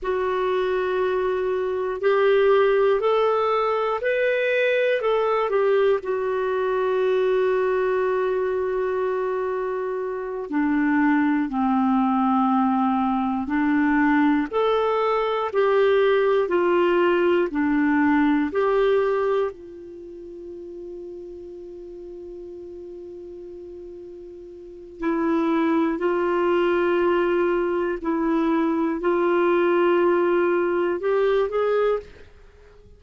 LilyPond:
\new Staff \with { instrumentName = "clarinet" } { \time 4/4 \tempo 4 = 60 fis'2 g'4 a'4 | b'4 a'8 g'8 fis'2~ | fis'2~ fis'8 d'4 c'8~ | c'4. d'4 a'4 g'8~ |
g'8 f'4 d'4 g'4 f'8~ | f'1~ | f'4 e'4 f'2 | e'4 f'2 g'8 gis'8 | }